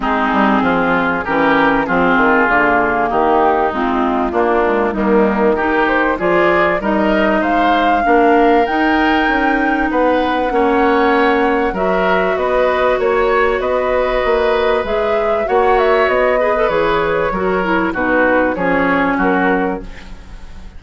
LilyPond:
<<
  \new Staff \with { instrumentName = "flute" } { \time 4/4 \tempo 4 = 97 gis'2 ais'4 gis'4~ | gis'4 g'4 f'2 | dis'4 ais'8 c''8 d''4 dis''4 | f''2 g''2 |
fis''2. e''4 | dis''4 cis''4 dis''2 | e''4 fis''8 e''8 dis''4 cis''4~ | cis''4 b'4 cis''4 ais'4 | }
  \new Staff \with { instrumentName = "oboe" } { \time 4/4 dis'4 f'4 g'4 f'4~ | f'4 dis'2 d'4 | ais4 g'4 gis'4 ais'4 | c''4 ais'2. |
b'4 cis''2 ais'4 | b'4 cis''4 b'2~ | b'4 cis''4. b'4. | ais'4 fis'4 gis'4 fis'4 | }
  \new Staff \with { instrumentName = "clarinet" } { \time 4/4 c'2 cis'4 c'4 | ais2 c'4 ais8 gis8 | g4 dis'4 f'4 dis'4~ | dis'4 d'4 dis'2~ |
dis'4 cis'2 fis'4~ | fis'1 | gis'4 fis'4. gis'16 a'16 gis'4 | fis'8 e'8 dis'4 cis'2 | }
  \new Staff \with { instrumentName = "bassoon" } { \time 4/4 gis8 g8 f4 e4 f8 dis8 | d4 dis4 gis4 ais4 | dis2 f4 g4 | gis4 ais4 dis'4 cis'4 |
b4 ais2 fis4 | b4 ais4 b4 ais4 | gis4 ais4 b4 e4 | fis4 b,4 f4 fis4 | }
>>